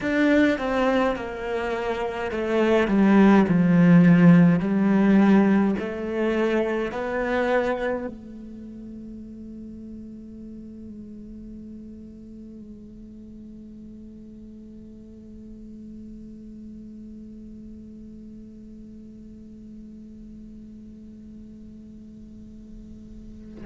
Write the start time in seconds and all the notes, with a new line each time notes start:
0.00 D4
0.58 C4
1.15 A#3
2.31 A3
2.87 G3
3.48 F3
4.59 G3
5.79 A3
6.91 B3
8.07 A3